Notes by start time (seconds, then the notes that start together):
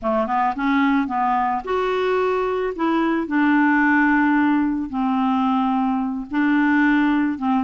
0.01 A3
0.26 B3
0.55 C#4
1.07 B3
1.64 F#4
2.75 E4
3.27 D4
4.89 C4
6.30 D4
7.38 C4